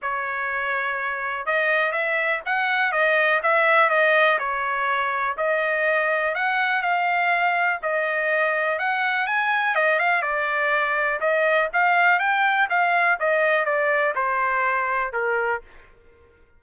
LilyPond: \new Staff \with { instrumentName = "trumpet" } { \time 4/4 \tempo 4 = 123 cis''2. dis''4 | e''4 fis''4 dis''4 e''4 | dis''4 cis''2 dis''4~ | dis''4 fis''4 f''2 |
dis''2 fis''4 gis''4 | dis''8 f''8 d''2 dis''4 | f''4 g''4 f''4 dis''4 | d''4 c''2 ais'4 | }